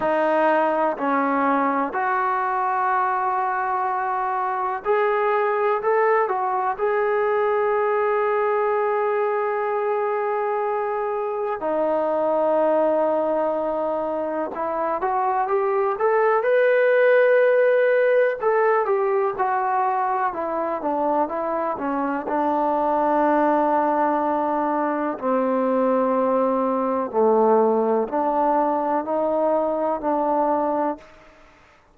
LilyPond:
\new Staff \with { instrumentName = "trombone" } { \time 4/4 \tempo 4 = 62 dis'4 cis'4 fis'2~ | fis'4 gis'4 a'8 fis'8 gis'4~ | gis'1 | dis'2. e'8 fis'8 |
g'8 a'8 b'2 a'8 g'8 | fis'4 e'8 d'8 e'8 cis'8 d'4~ | d'2 c'2 | a4 d'4 dis'4 d'4 | }